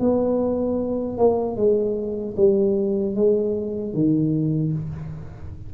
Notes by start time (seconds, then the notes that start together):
0.00 B3
1.18 A#3
1.56 G#3
2.37 G3
3.16 G#3
3.94 D#3